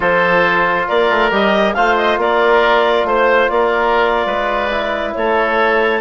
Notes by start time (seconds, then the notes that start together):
0.00 F3 F4 A4 C5
0.88 A#3 A#4 D5
1.09 A3
1.31 G3 G4 D#5
1.73 A3 F4 C5 F5
1.96 D#5
2.17 A#3 A#4 D5
3.04 A3 C5
3.49 A#3 A#4 D5
4.26 G#3 B4
4.70 E4
5.14 A3 A4 C#5